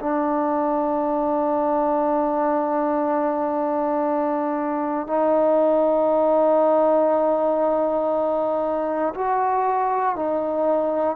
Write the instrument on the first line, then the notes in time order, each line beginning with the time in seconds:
trombone
0.00 D4
5.08 D#4
9.15 F#4
10.16 D#4